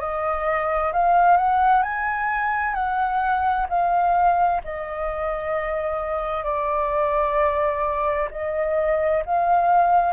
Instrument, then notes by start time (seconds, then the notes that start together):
flute
0.00 D#5
0.93 F5
1.37 F#5
1.83 G#5
2.74 F#5
3.69 F5
4.64 D#5
6.44 D5
8.31 D#5
9.25 F5